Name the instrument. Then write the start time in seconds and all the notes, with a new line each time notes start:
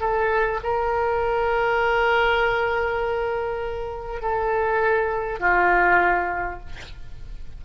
oboe
0.00 A4
0.63 A#4
4.21 A4
5.39 F4